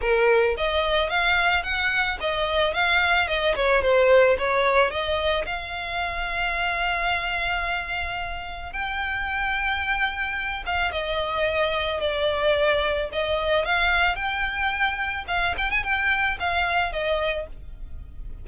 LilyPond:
\new Staff \with { instrumentName = "violin" } { \time 4/4 \tempo 4 = 110 ais'4 dis''4 f''4 fis''4 | dis''4 f''4 dis''8 cis''8 c''4 | cis''4 dis''4 f''2~ | f''1 |
g''2.~ g''8 f''8 | dis''2 d''2 | dis''4 f''4 g''2 | f''8 g''16 gis''16 g''4 f''4 dis''4 | }